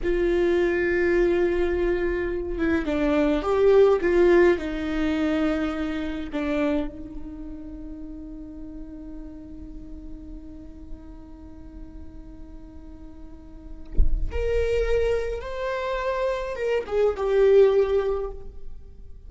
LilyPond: \new Staff \with { instrumentName = "viola" } { \time 4/4 \tempo 4 = 105 f'1~ | f'8 e'8 d'4 g'4 f'4 | dis'2. d'4 | dis'1~ |
dis'1~ | dis'1~ | dis'4 ais'2 c''4~ | c''4 ais'8 gis'8 g'2 | }